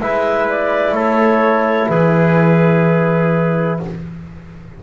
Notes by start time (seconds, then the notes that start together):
0.00 G#3 E4 B4 E5
0.48 D5
0.92 A3 A4 C#5
1.89 E3 G#4 B4